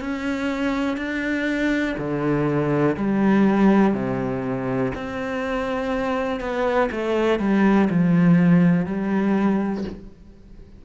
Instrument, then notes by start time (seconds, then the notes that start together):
cello
0.00 C#4
0.97 D4
1.98 D3
2.96 G3
3.94 C3
4.94 C4
6.40 B3
6.92 A3
7.39 G3
7.90 F3
8.86 G3